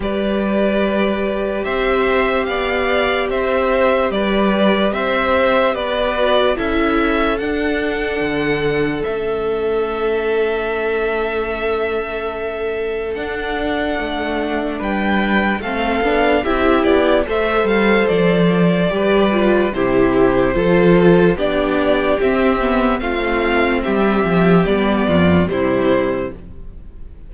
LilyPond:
<<
  \new Staff \with { instrumentName = "violin" } { \time 4/4 \tempo 4 = 73 d''2 e''4 f''4 | e''4 d''4 e''4 d''4 | e''4 fis''2 e''4~ | e''1 |
fis''2 g''4 f''4 | e''8 d''8 e''8 f''8 d''2 | c''2 d''4 e''4 | f''4 e''4 d''4 c''4 | }
  \new Staff \with { instrumentName = "violin" } { \time 4/4 b'2 c''4 d''4 | c''4 b'4 c''4 b'4 | a'1~ | a'1~ |
a'2 b'4 a'4 | g'4 c''2 b'4 | g'4 a'4 g'2 | f'4 g'4. f'8 e'4 | }
  \new Staff \with { instrumentName = "viola" } { \time 4/4 g'1~ | g'2.~ g'8 fis'8 | e'4 d'2 cis'4~ | cis'1 |
d'2. c'8 d'8 | e'4 a'2 g'8 f'8 | e'4 f'4 d'4 c'8 b8 | c'2 b4 g4 | }
  \new Staff \with { instrumentName = "cello" } { \time 4/4 g2 c'4 b4 | c'4 g4 c'4 b4 | cis'4 d'4 d4 a4~ | a1 |
d'4 a4 g4 a8 b8 | c'8 b8 a8 g8 f4 g4 | c4 f4 b4 c'4 | a4 g8 f8 g8 f,8 c4 | }
>>